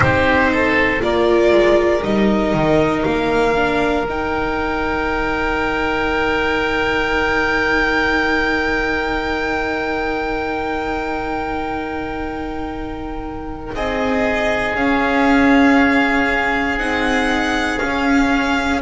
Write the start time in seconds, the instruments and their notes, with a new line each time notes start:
0.00 double bass C4, viola D#4, oboe G4, violin C5
0.52 oboe A4
1.00 double bass A#3, viola F4, oboe A#4, violin D5
1.52 double bass G#3
2.02 double bass G3, viola D#4, violin D#5
2.53 double bass D#3
3.03 double bass A#3, violin F5
3.55 viola D4
4.03 double bass D#3, viola D#4, violin G5
13.74 double bass C4, oboe G#4, violin D#5
14.74 double bass C#4, viola C#4, violin F5
16.77 double bass C4, viola D#4, violin F#5
17.78 viola C#4, double bass C#4, violin F5